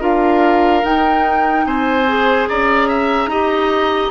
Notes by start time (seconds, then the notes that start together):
0.00 D4 F4 A#4 F5
0.82 D#4 G5
1.66 C4 C5 G#5
2.08 G#4
2.48 C#4 D5 A#5
2.89 E5
3.27 D#4 G4 D#5